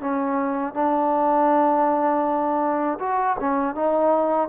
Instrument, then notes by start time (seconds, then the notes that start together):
trombone
0.00 C#4
0.74 D4
2.99 F#4
3.40 C#4
3.75 D#4